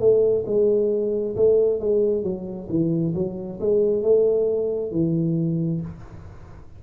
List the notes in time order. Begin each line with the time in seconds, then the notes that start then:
0.00 A3
0.46 G#3
1.36 A3
1.80 G#3
2.23 F#3
2.69 E3
3.15 F#3
3.61 G#3
4.03 A3
4.92 E3